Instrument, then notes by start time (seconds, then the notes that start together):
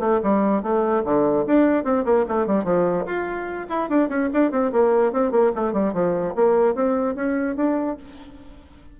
bassoon
0.00 A3
0.23 G3
0.63 A3
1.05 D3
1.47 D4
1.84 C4
2.05 A#3
2.28 A3
2.47 G3
2.64 F3
3.06 F4
3.69 E4
3.89 D4
4.09 C#4
4.34 D4
4.52 C4
4.72 A#3
5.13 C4
5.31 A#3
5.55 A3
5.73 G3
5.94 F3
6.36 A#3
6.75 C4
7.15 C#4
7.56 D4